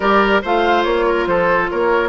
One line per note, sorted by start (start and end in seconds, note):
0.00 0.42 G3
0.00 0.42 G4
0.00 0.41 A#4
0.00 0.40 D5
0.42 0.84 A3
0.42 2.09 F4
0.42 1.05 C5
0.42 0.83 F5
0.83 1.26 A#3
0.83 1.26 C#5
1.06 1.27 A#4
1.26 1.69 F3
1.26 1.70 A4
1.26 1.69 C5
1.70 2.09 A#3
1.70 2.09 A#4
1.70 2.09 C#5